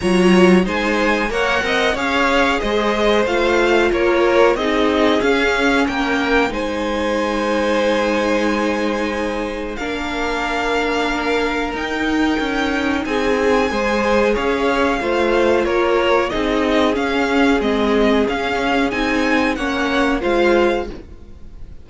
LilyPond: <<
  \new Staff \with { instrumentName = "violin" } { \time 4/4 \tempo 4 = 92 ais''4 gis''4 fis''4 f''4 | dis''4 f''4 cis''4 dis''4 | f''4 g''4 gis''2~ | gis''2. f''4~ |
f''2 g''2 | gis''2 f''2 | cis''4 dis''4 f''4 dis''4 | f''4 gis''4 fis''4 f''4 | }
  \new Staff \with { instrumentName = "violin" } { \time 4/4 cis''4 c''4 cis''8 dis''8 cis''4 | c''2 ais'4 gis'4~ | gis'4 ais'4 c''2~ | c''2. ais'4~ |
ais'1 | gis'4 c''4 cis''4 c''4 | ais'4 gis'2.~ | gis'2 cis''4 c''4 | }
  \new Staff \with { instrumentName = "viola" } { \time 4/4 f'4 dis'4 ais'4 gis'4~ | gis'4 f'2 dis'4 | cis'2 dis'2~ | dis'2. d'4~ |
d'2 dis'2~ | dis'4 gis'2 f'4~ | f'4 dis'4 cis'4 c'4 | cis'4 dis'4 cis'4 f'4 | }
  \new Staff \with { instrumentName = "cello" } { \time 4/4 fis4 gis4 ais8 c'8 cis'4 | gis4 a4 ais4 c'4 | cis'4 ais4 gis2~ | gis2. ais4~ |
ais2 dis'4 cis'4 | c'4 gis4 cis'4 a4 | ais4 c'4 cis'4 gis4 | cis'4 c'4 ais4 gis4 | }
>>